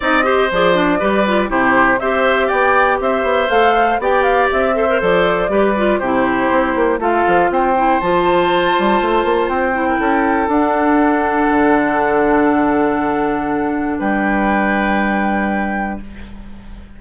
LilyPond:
<<
  \new Staff \with { instrumentName = "flute" } { \time 4/4 \tempo 4 = 120 dis''4 d''2 c''4 | e''4 g''4 e''4 f''4 | g''8 f''8 e''4 d''2 | c''2 f''4 g''4 |
a''2. g''4~ | g''4 fis''2.~ | fis''1 | g''1 | }
  \new Staff \with { instrumentName = "oboe" } { \time 4/4 d''8 c''4. b'4 g'4 | c''4 d''4 c''2 | d''4. c''4. b'4 | g'2 a'4 c''4~ |
c''2.~ c''8. ais'16 | a'1~ | a'1 | b'1 | }
  \new Staff \with { instrumentName = "clarinet" } { \time 4/4 dis'8 g'8 gis'8 d'8 g'8 f'8 e'4 | g'2. a'4 | g'4. a'16 ais'16 a'4 g'8 f'8 | e'2 f'4. e'8 |
f'2.~ f'8 e'8~ | e'4 d'2.~ | d'1~ | d'1 | }
  \new Staff \with { instrumentName = "bassoon" } { \time 4/4 c'4 f4 g4 c4 | c'4 b4 c'8 b8 a4 | b4 c'4 f4 g4 | c4 c'8 ais8 a8 f8 c'4 |
f4. g8 a8 ais8 c'4 | cis'4 d'2 d4~ | d1 | g1 | }
>>